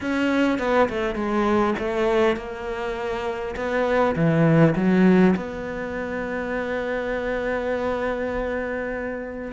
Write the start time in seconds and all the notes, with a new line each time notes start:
0.00 C#4
0.59 B3
0.89 A3
1.14 G#3
1.78 A3
2.36 A#3
3.56 B3
4.15 E3
4.75 F#3
5.36 B3